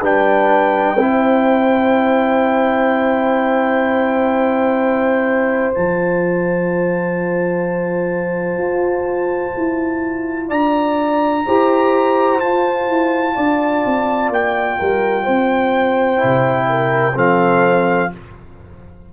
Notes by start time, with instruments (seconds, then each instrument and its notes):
0.00 tuba G3, trombone D4, horn B4, trumpet G5
0.96 tuba C4, trombone E4, horn C5
5.73 tuba F3, trombone F4, trumpet A5
8.57 tuba F4
9.56 tuba E4
10.48 tuba D4, horn D5, trumpet A#5
11.46 tuba E4, trombone G4, horn C5
12.40 tuba F4, trombone F4, trumpet A5
12.88 tuba E4
13.35 tuba D4, horn D5
13.85 tuba C4
14.29 tuba A#3, trumpet G5
14.78 tuba G3, horn A#4
15.23 tuba C4, horn C5
16.16 trombone E4
16.23 tuba C3
16.69 horn A#4
17.14 tuba F3, trombone C4, horn A4, trumpet F5